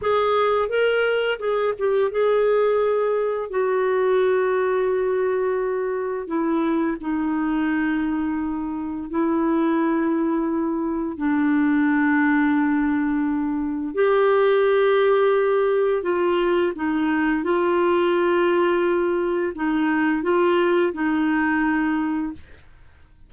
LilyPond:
\new Staff \with { instrumentName = "clarinet" } { \time 4/4 \tempo 4 = 86 gis'4 ais'4 gis'8 g'8 gis'4~ | gis'4 fis'2.~ | fis'4 e'4 dis'2~ | dis'4 e'2. |
d'1 | g'2. f'4 | dis'4 f'2. | dis'4 f'4 dis'2 | }